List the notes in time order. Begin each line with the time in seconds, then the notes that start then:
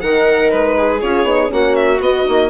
0.00 D#3 D#4 A#4 F#5
0.50 G#3 B4
0.77 G#4
1.01 C#4 F4 C#5
1.23 B3 D#4
1.47 A#3 C#4 F#4 F#5
1.75 E5
2.00 B3 D#5
2.24 A#3 D#4